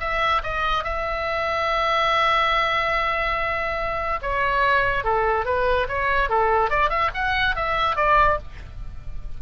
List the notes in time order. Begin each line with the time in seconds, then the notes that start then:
0.00 E5
0.43 D#5
0.84 E5
4.22 C#5
5.04 A4
5.45 B4
5.88 C#5
6.29 A4
6.70 D5
6.89 E5
7.14 F#5
7.56 E5
7.96 D5